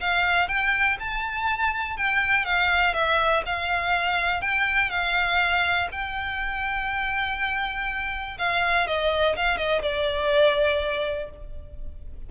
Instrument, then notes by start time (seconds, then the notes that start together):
violin
0.00 F5
0.48 G5
0.99 A5
1.97 G5
2.45 F5
2.94 E5
3.46 F5
4.41 G5
4.90 F5
5.92 G5
8.38 F5
8.87 D#5
9.36 F5
9.57 D#5
9.82 D5